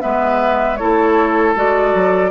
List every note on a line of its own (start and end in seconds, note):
0.00 0.82 G#3
0.00 0.77 B3
0.00 0.79 B4
0.00 0.77 E5
0.77 1.56 A3
0.77 1.55 E4
0.77 2.31 A4
0.77 1.54 C#5
1.55 1.94 G#3
1.55 2.31 F#4
1.55 2.31 D5
1.94 2.31 F#3